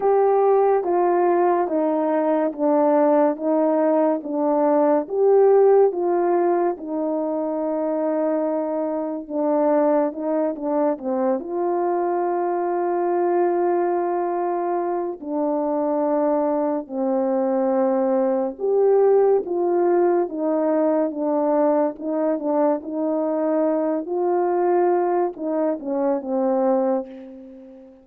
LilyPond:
\new Staff \with { instrumentName = "horn" } { \time 4/4 \tempo 4 = 71 g'4 f'4 dis'4 d'4 | dis'4 d'4 g'4 f'4 | dis'2. d'4 | dis'8 d'8 c'8 f'2~ f'8~ |
f'2 d'2 | c'2 g'4 f'4 | dis'4 d'4 dis'8 d'8 dis'4~ | dis'8 f'4. dis'8 cis'8 c'4 | }